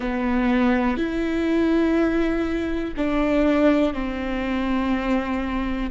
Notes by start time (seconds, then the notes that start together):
0.00 B3
0.97 E4
2.96 D4
3.93 C4